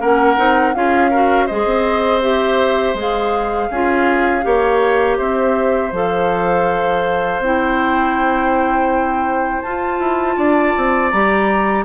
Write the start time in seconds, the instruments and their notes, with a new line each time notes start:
0.00 bassoon A#3, clarinet C#4, oboe A#4, flute F#5
0.37 bassoon C4, clarinet D#4
0.75 bassoon C#4, clarinet F4, oboe G#4, flute F5
1.11 clarinet F#4, oboe A#4
1.46 bassoon G#3, clarinet G#4, oboe C5, flute D#5
1.66 bassoon C4
2.22 clarinet G4, flute E5
2.94 bassoon G#3, clarinet G#4
3.01 flute F5
3.71 bassoon C#4, clarinet F4, oboe G#4
4.42 bassoon A#3, clarinet G4, oboe C#5
5.18 bassoon C4, oboe C5, flute E5
5.92 bassoon F3, clarinet A4, flute F5
7.39 bassoon C4, clarinet E4, flute G5
9.62 bassoon F4, clarinet F4, flute A5
9.99 bassoon E4
10.37 bassoon D4, oboe D5
10.77 bassoon C4
11.10 bassoon G3, clarinet G4, flute A#5